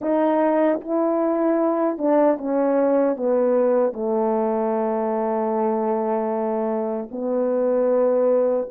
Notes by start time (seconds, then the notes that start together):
0.01 D#4
0.80 E4
1.97 D4
2.37 C#4
3.16 B3
3.93 A3
7.11 B3